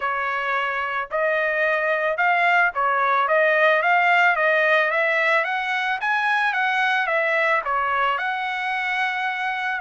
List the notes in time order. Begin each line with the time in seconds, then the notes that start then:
0.00 C#5
1.11 D#5
2.17 F5
2.74 C#5
3.28 D#5
3.82 F5
4.36 D#5
4.90 E5
5.44 F#5
6.00 G#5
6.53 F#5
7.07 E5
7.64 C#5
8.18 F#5